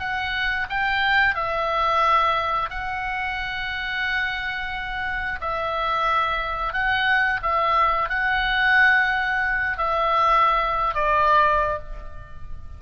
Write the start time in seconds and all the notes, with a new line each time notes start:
0.00 F#5
0.70 G5
1.35 E5
2.70 F#5
5.41 E5
6.74 F#5
7.43 E5
8.09 F#5
9.78 E5
10.95 D5